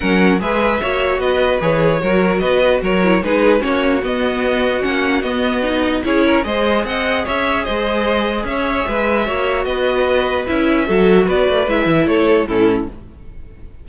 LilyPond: <<
  \new Staff \with { instrumentName = "violin" } { \time 4/4 \tempo 4 = 149 fis''4 e''2 dis''4 | cis''2 dis''4 cis''4 | b'4 cis''4 dis''2 | fis''4 dis''2 cis''4 |
dis''4 fis''4 e''4 dis''4~ | dis''4 e''2. | dis''2 e''2 | d''4 e''4 cis''4 a'4 | }
  \new Staff \with { instrumentName = "violin" } { \time 4/4 ais'4 b'4 cis''4 b'4~ | b'4 ais'4 b'4 ais'4 | gis'4 fis'2.~ | fis'2. gis'8 ais'8 |
c''4 dis''4 cis''4 c''4~ | c''4 cis''4 b'4 cis''4 | b'2. a'4 | b'2 a'4 e'4 | }
  \new Staff \with { instrumentName = "viola" } { \time 4/4 cis'4 gis'4 fis'2 | gis'4 fis'2~ fis'8 e'8 | dis'4 cis'4 b2 | cis'4 b4 dis'4 e'4 |
gis'1~ | gis'2. fis'4~ | fis'2 e'4 fis'4~ | fis'4 e'2 cis'4 | }
  \new Staff \with { instrumentName = "cello" } { \time 4/4 fis4 gis4 ais4 b4 | e4 fis4 b4 fis4 | gis4 ais4 b2 | ais4 b2 cis'4 |
gis4 c'4 cis'4 gis4~ | gis4 cis'4 gis4 ais4 | b2 cis'4 fis4 | b8 a8 gis8 e8 a4 a,4 | }
>>